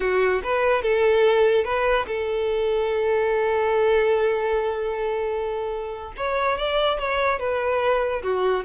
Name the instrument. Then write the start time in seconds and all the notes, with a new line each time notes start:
violin
0.00 F#4
0.43 B4
0.82 A4
1.64 B4
2.07 A4
6.16 C#5
6.57 D5
6.99 C#5
7.39 B4
8.23 F#4